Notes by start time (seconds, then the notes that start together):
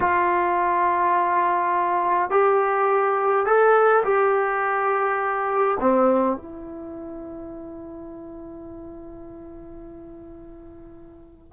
0.00 F4
2.30 G4
3.46 A4
4.04 G4
5.80 C4
6.36 E4